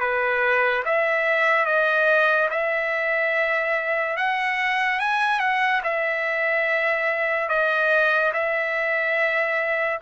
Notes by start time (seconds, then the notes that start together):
0.00 B4
0.85 E5
1.66 D#5
2.50 E5
4.17 F#5
5.00 G#5
5.40 F#5
5.84 E5
7.49 D#5
8.33 E5